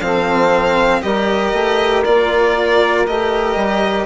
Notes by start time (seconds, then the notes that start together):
0.00 F3 C4 A4 F5
1.02 G3 G4 A#4 D#5
1.53 A3
2.04 A#3 F4 D5
3.06 A3 G4 D#5
3.55 G3